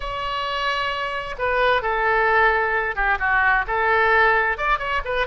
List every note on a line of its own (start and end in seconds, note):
0.00 1.35 C#5
1.38 1.82 B4
1.82 2.95 A4
2.95 3.18 G4
3.19 3.65 F#4
3.67 4.57 A4
4.57 4.78 D5
4.78 5.01 C#5
5.04 5.26 B4